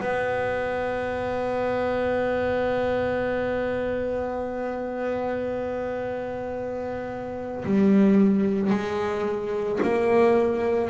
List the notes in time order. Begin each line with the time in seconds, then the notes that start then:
0.00 B3
7.64 G3
8.70 G#3
9.82 A#3